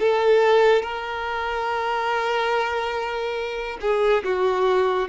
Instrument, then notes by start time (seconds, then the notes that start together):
violin
0.00 A4
0.82 A#4
3.81 G#4
4.24 F#4